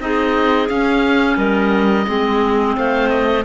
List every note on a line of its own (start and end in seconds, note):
0.00 0.69 C4
0.00 0.69 D#4
0.00 1.37 G#4
0.00 0.69 D#5
0.69 1.37 C#4
0.69 2.06 C#4
0.69 1.38 F5
1.37 2.06 G3
1.37 2.06 A#4
1.37 2.76 D#5
2.06 2.77 G#3
2.06 3.44 C4
2.06 2.76 G#4
2.76 3.44 A3
2.76 3.44 C5
2.76 3.09 F5
3.09 3.44 D#5